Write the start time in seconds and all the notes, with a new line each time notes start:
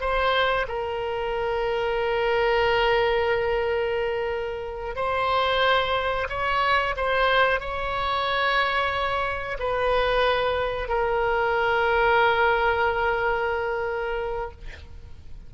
0.00 C5
0.68 A#4
4.95 C5
6.29 C#5
6.96 C5
7.60 C#5
9.59 B4
10.88 A#4